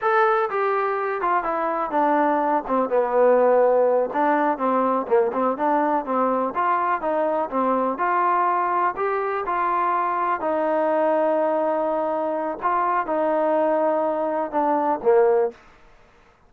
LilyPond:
\new Staff \with { instrumentName = "trombone" } { \time 4/4 \tempo 4 = 124 a'4 g'4. f'8 e'4 | d'4. c'8 b2~ | b8 d'4 c'4 ais8 c'8 d'8~ | d'8 c'4 f'4 dis'4 c'8~ |
c'8 f'2 g'4 f'8~ | f'4. dis'2~ dis'8~ | dis'2 f'4 dis'4~ | dis'2 d'4 ais4 | }